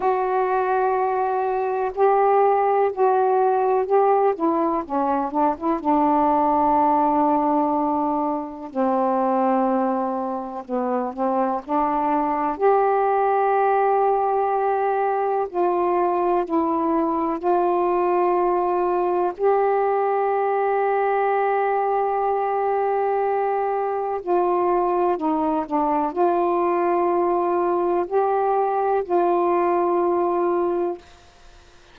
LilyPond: \new Staff \with { instrumentName = "saxophone" } { \time 4/4 \tempo 4 = 62 fis'2 g'4 fis'4 | g'8 e'8 cis'8 d'16 e'16 d'2~ | d'4 c'2 b8 c'8 | d'4 g'2. |
f'4 e'4 f'2 | g'1~ | g'4 f'4 dis'8 d'8 f'4~ | f'4 g'4 f'2 | }